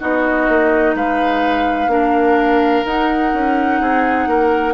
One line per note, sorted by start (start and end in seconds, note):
0.00 0.49 B3
0.00 1.90 D#4
0.00 0.95 F#4
0.00 0.96 D#5
0.49 0.95 A#3
0.95 1.87 G#3
0.95 1.91 B4
0.95 2.87 F5
1.87 2.83 A#3
1.87 2.85 D4
1.87 3.81 A#4
2.85 3.33 D#4
2.85 4.74 D#4
2.85 4.74 F#5
3.34 3.81 C#4
3.81 4.27 C4
3.81 4.29 G#4
4.27 4.74 A#3
4.27 4.74 A#4